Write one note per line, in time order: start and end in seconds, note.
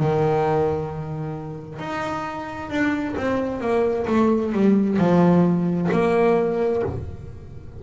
0.00 1.80 D#3
1.80 2.70 D#4
2.70 3.16 D4
3.17 3.61 C4
3.61 4.07 A#3
4.08 4.53 A3
4.53 4.98 G3
4.99 5.90 F3
5.92 6.83 A#3